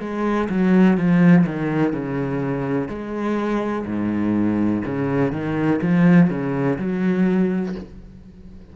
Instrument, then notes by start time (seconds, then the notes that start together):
cello
0.00 G#3
0.49 F#3
0.97 F3
1.46 D#3
1.93 C#3
2.88 G#3
3.86 G#2
4.85 C#3
5.32 D#3
5.82 F3
6.30 C#3
6.78 F#3